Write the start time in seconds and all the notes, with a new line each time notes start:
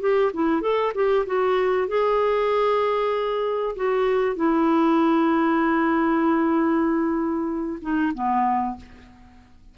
0.00 G4
0.33 E4
0.61 A4
0.94 G4
1.26 F#4
1.88 G#4
3.75 F#4
4.35 E4
7.81 D#4
8.14 B3